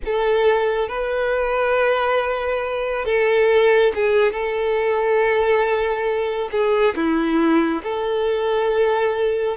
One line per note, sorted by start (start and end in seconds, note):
0.05 0.88 A4
0.88 3.05 B4
3.05 3.92 A4
3.94 4.32 G#4
4.32 6.49 A4
6.51 6.94 G#4
6.95 7.82 E4
7.83 9.57 A4